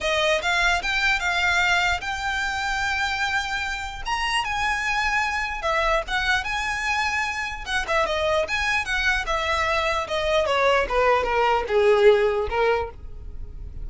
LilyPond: \new Staff \with { instrumentName = "violin" } { \time 4/4 \tempo 4 = 149 dis''4 f''4 g''4 f''4~ | f''4 g''2.~ | g''2 ais''4 gis''4~ | gis''2 e''4 fis''4 |
gis''2. fis''8 e''8 | dis''4 gis''4 fis''4 e''4~ | e''4 dis''4 cis''4 b'4 | ais'4 gis'2 ais'4 | }